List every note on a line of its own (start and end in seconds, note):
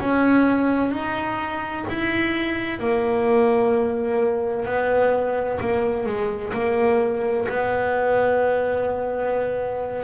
0.00 0.92 C#4
0.92 1.85 D#4
1.89 2.80 E4
2.80 4.66 A#3
4.66 5.60 B3
5.61 6.06 A#3
6.06 6.53 G#3
6.54 7.47 A#3
7.49 10.04 B3